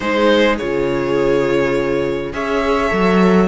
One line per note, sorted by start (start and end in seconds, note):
0.00 0.59 G#3
0.00 0.59 D#4
0.00 2.30 G#4
0.00 0.55 C5
0.58 2.33 C#3
0.58 2.32 F4
0.58 2.33 C#5
2.32 2.91 C#4
2.32 2.89 G#4
2.32 3.47 C#5
2.32 3.47 E5
2.89 3.47 F#3
2.89 3.47 A4